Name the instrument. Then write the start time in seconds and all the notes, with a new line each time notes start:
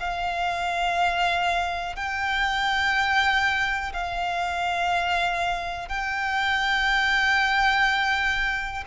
violin
0.00 F5
1.96 G5
3.93 F5
5.89 G5